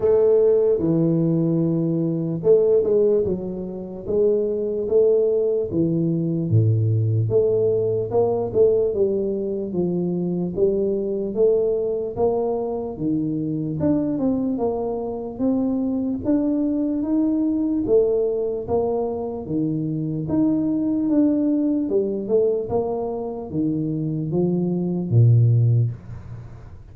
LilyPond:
\new Staff \with { instrumentName = "tuba" } { \time 4/4 \tempo 4 = 74 a4 e2 a8 gis8 | fis4 gis4 a4 e4 | a,4 a4 ais8 a8 g4 | f4 g4 a4 ais4 |
dis4 d'8 c'8 ais4 c'4 | d'4 dis'4 a4 ais4 | dis4 dis'4 d'4 g8 a8 | ais4 dis4 f4 ais,4 | }